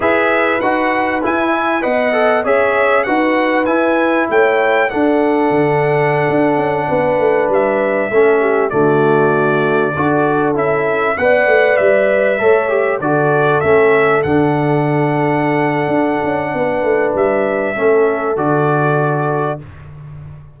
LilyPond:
<<
  \new Staff \with { instrumentName = "trumpet" } { \time 4/4 \tempo 4 = 98 e''4 fis''4 gis''4 fis''4 | e''4 fis''4 gis''4 g''4 | fis''1~ | fis''16 e''2 d''4.~ d''16~ |
d''4~ d''16 e''4 fis''4 e''8.~ | e''4~ e''16 d''4 e''4 fis''8.~ | fis''1 | e''2 d''2 | }
  \new Staff \with { instrumentName = "horn" } { \time 4/4 b'2~ b'8 e''8 dis''4 | cis''4 b'2 cis''4 | a'2.~ a'16 b'8.~ | b'4~ b'16 a'8 g'8 fis'4.~ fis'16~ |
fis'16 a'2 d''4.~ d''16~ | d''16 cis''4 a'2~ a'8.~ | a'2. b'4~ | b'4 a'2. | }
  \new Staff \with { instrumentName = "trombone" } { \time 4/4 gis'4 fis'4 e'4 b'8 a'8 | gis'4 fis'4 e'2 | d'1~ | d'4~ d'16 cis'4 a4.~ a16~ |
a16 fis'4 e'4 b'4.~ b'16~ | b'16 a'8 g'8 fis'4 cis'4 d'8.~ | d'1~ | d'4 cis'4 fis'2 | }
  \new Staff \with { instrumentName = "tuba" } { \time 4/4 e'4 dis'4 e'4 b4 | cis'4 dis'4 e'4 a4 | d'4 d4~ d16 d'8 cis'8 b8 a16~ | a16 g4 a4 d4.~ d16~ |
d16 d'4 cis'4 b8 a8 g8.~ | g16 a4 d4 a4 d8.~ | d2 d'8 cis'8 b8 a8 | g4 a4 d2 | }
>>